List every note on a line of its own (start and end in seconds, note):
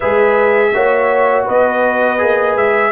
0.00 0.74 G#3
0.00 0.74 G#4
0.00 0.71 B4
0.00 1.45 E5
0.73 1.47 A#3
0.73 2.18 F#4
0.73 1.45 C#5
1.45 2.21 B3
1.45 2.91 B4
1.45 2.57 D#5
2.18 2.56 A#3
2.18 2.91 G#4
2.56 2.91 G#3
2.56 2.91 E5